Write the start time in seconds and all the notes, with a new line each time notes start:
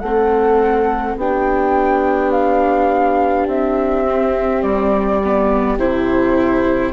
0.00 A3 C4 A4 F#5
1.16 B3 D4 G4 G5
2.31 F5
3.47 C4 E5
4.06 C4
4.62 G3 D5
5.24 B3
5.78 C3 E4 C5